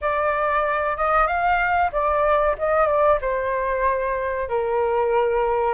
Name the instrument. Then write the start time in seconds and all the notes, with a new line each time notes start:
flute
0.01 D5
0.96 D#5
1.27 F5
1.92 D5
2.58 D#5
2.86 D5
3.21 C5
4.49 A#4